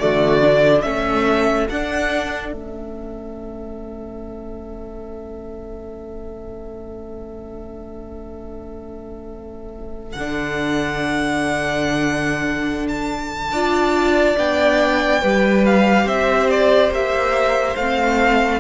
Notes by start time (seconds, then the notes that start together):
0.00 D3 A3 F#4 D5
0.42 D4
0.83 A3 C#4 A4 E5
1.70 D4 F#5
2.53 A3 C#4 E5
10.13 D3 F#5
10.19 D4
12.89 A5
13.52 D4 F4 D5
14.37 B3 D4 G5
15.22 G3 G4 B4
15.66 F5
16.05 C4 C5 E5
16.51 D5
16.91 A#3 E5
17.76 A3 C4 F5